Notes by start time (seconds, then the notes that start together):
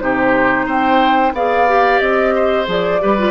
0.00 C3 D#4 G4 C5
0.66 C4 C5 G5
1.33 B3 G#4 D5 F5
1.68 G4
1.99 C4 D#5
2.35 C5
2.66 F3 G#4 D5
3.00 G3 G4 B4
3.18 F4